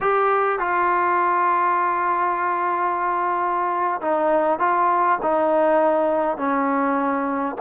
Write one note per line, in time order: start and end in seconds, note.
0.01 0.59 G4
0.59 4.00 F4
4.01 4.59 D#4
4.59 5.18 F4
5.22 6.37 D#4
6.37 7.56 C#4